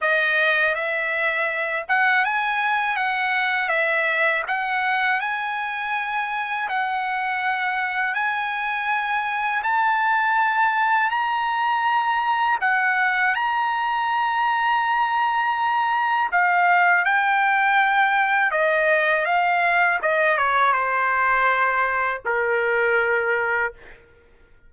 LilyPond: \new Staff \with { instrumentName = "trumpet" } { \time 4/4 \tempo 4 = 81 dis''4 e''4. fis''8 gis''4 | fis''4 e''4 fis''4 gis''4~ | gis''4 fis''2 gis''4~ | gis''4 a''2 ais''4~ |
ais''4 fis''4 ais''2~ | ais''2 f''4 g''4~ | g''4 dis''4 f''4 dis''8 cis''8 | c''2 ais'2 | }